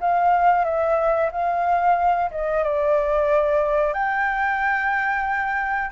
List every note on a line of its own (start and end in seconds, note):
0.00 0.64 F5
0.64 1.30 E5
1.32 2.31 F5
2.31 2.63 D#5
2.63 3.93 D5
3.93 5.91 G5